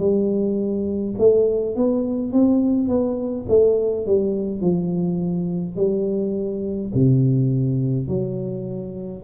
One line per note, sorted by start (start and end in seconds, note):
0.00 1.15 G3
1.19 1.76 A3
1.76 2.33 B3
2.33 2.89 C4
2.89 3.47 B3
3.49 4.07 A3
4.07 4.62 G3
4.62 5.77 F3
5.77 6.92 G3
6.95 8.08 C3
8.08 9.24 F#3